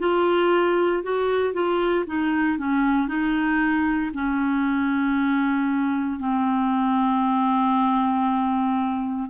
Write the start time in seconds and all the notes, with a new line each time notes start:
0.00 F4
1.03 F#4
1.54 F4
2.07 D#4
2.59 C#4
3.08 D#4
4.14 C#4
6.20 C4